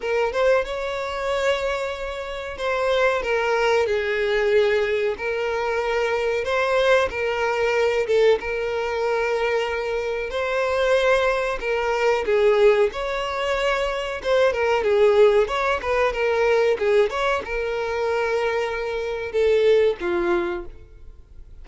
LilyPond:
\new Staff \with { instrumentName = "violin" } { \time 4/4 \tempo 4 = 93 ais'8 c''8 cis''2. | c''4 ais'4 gis'2 | ais'2 c''4 ais'4~ | ais'8 a'8 ais'2. |
c''2 ais'4 gis'4 | cis''2 c''8 ais'8 gis'4 | cis''8 b'8 ais'4 gis'8 cis''8 ais'4~ | ais'2 a'4 f'4 | }